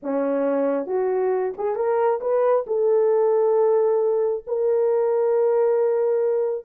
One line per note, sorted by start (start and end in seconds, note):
0.02 0.86 C#4
0.86 1.53 F#4
1.57 1.75 G#4
1.75 2.20 A#4
2.20 2.65 B4
2.66 4.44 A4
4.47 6.65 A#4